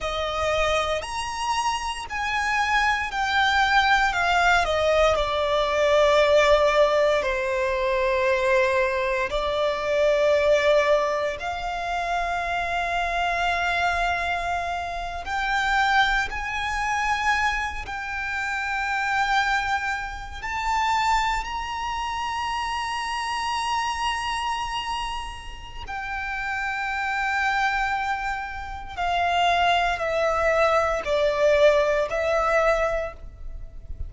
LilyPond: \new Staff \with { instrumentName = "violin" } { \time 4/4 \tempo 4 = 58 dis''4 ais''4 gis''4 g''4 | f''8 dis''8 d''2 c''4~ | c''4 d''2 f''4~ | f''2~ f''8. g''4 gis''16~ |
gis''4~ gis''16 g''2~ g''8 a''16~ | a''8. ais''2.~ ais''16~ | ais''4 g''2. | f''4 e''4 d''4 e''4 | }